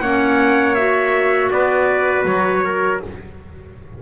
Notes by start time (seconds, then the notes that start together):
0.00 A#3 C#4 C#5 F#5
0.75 F#4 E5
1.51 B3 B4 D5
2.25 F#3 C#5
2.65 A#4